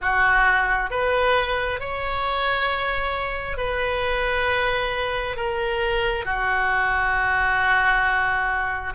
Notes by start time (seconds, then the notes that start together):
0.01 F#4
0.90 B4
1.80 C#5
3.57 B4
5.36 A#4
6.24 F#4